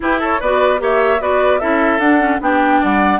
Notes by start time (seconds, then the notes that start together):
0.00 E4 G4 B4
0.19 A4 C#5
0.40 B3 F#4 B4 D5
0.78 A#3 G4 C#5 E5
1.20 B3 F#4 B4 D5
1.59 C#4 E4 A4 E5
1.99 D4 F#5
2.19 C#4
2.40 B3 D4 G4 G5
2.80 G3 D5 F#5